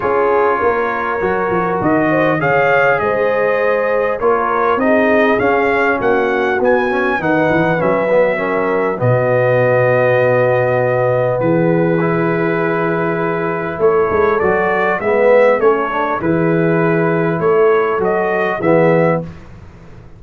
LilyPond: <<
  \new Staff \with { instrumentName = "trumpet" } { \time 4/4 \tempo 4 = 100 cis''2. dis''4 | f''4 dis''2 cis''4 | dis''4 f''4 fis''4 gis''4 | fis''4 e''2 dis''4~ |
dis''2. b'4~ | b'2. cis''4 | d''4 e''4 cis''4 b'4~ | b'4 cis''4 dis''4 e''4 | }
  \new Staff \with { instrumentName = "horn" } { \time 4/4 gis'4 ais'2~ ais'8 c''8 | cis''4 c''2 ais'4 | gis'2 fis'2 | b'2 ais'4 fis'4~ |
fis'2. gis'4~ | gis'2. a'4~ | a'4 b'4 a'4 gis'4~ | gis'4 a'2 gis'4 | }
  \new Staff \with { instrumentName = "trombone" } { \time 4/4 f'2 fis'2 | gis'2. f'4 | dis'4 cis'2 b8 cis'8 | dis'4 cis'8 b8 cis'4 b4~ |
b1 | e'1 | fis'4 b4 cis'8 d'8 e'4~ | e'2 fis'4 b4 | }
  \new Staff \with { instrumentName = "tuba" } { \time 4/4 cis'4 ais4 fis8 f8 dis4 | cis4 gis2 ais4 | c'4 cis'4 ais4 b4 | dis8 e8 fis2 b,4~ |
b,2. e4~ | e2. a8 gis8 | fis4 gis4 a4 e4~ | e4 a4 fis4 e4 | }
>>